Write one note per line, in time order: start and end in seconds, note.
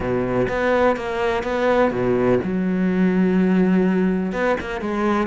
0.00 0.47 B2
0.48 0.96 B3
0.96 1.43 A#3
1.43 1.91 B3
1.91 2.39 B2
2.43 4.32 F#3
4.32 4.56 B3
4.60 4.80 A#3
4.80 5.27 G#3